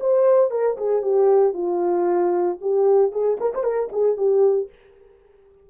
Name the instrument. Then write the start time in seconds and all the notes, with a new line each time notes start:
horn
0.00 C5
0.50 A#4
0.77 G#4
1.02 G4
1.53 F4
2.61 G4
3.12 G#4
3.40 A#4
3.54 C5
3.63 A#4
3.92 G#4
4.17 G4